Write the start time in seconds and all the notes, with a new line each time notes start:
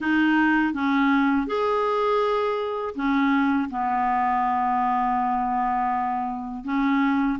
0.00 D#4
0.73 C#4
1.46 G#4
2.95 C#4
3.70 B3
6.64 C#4